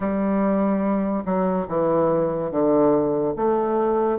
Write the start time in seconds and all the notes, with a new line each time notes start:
0.00 G3
1.25 F#3
1.68 E3
2.51 D3
3.35 A3